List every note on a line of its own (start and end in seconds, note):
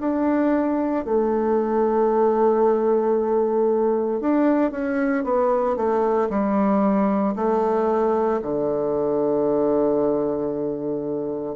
0.00 1.05 D4
1.05 4.21 A3
4.21 4.71 D4
4.71 5.24 C#4
5.24 5.77 B3
5.77 6.29 A3
6.30 7.35 G3
7.35 8.41 A3
8.42 11.56 D3